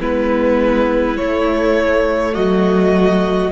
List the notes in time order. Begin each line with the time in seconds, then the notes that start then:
0.00 G#3 B3 E4 B4
1.17 A3 C#5
2.33 F#3 F#4 D#5